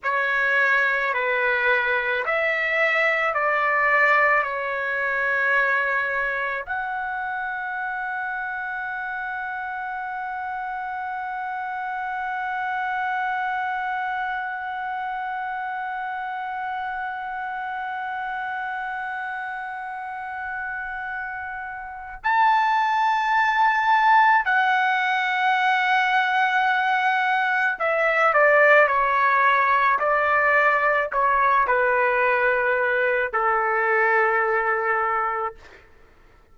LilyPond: \new Staff \with { instrumentName = "trumpet" } { \time 4/4 \tempo 4 = 54 cis''4 b'4 e''4 d''4 | cis''2 fis''2~ | fis''1~ | fis''1~ |
fis''1 | a''2 fis''2~ | fis''4 e''8 d''8 cis''4 d''4 | cis''8 b'4. a'2 | }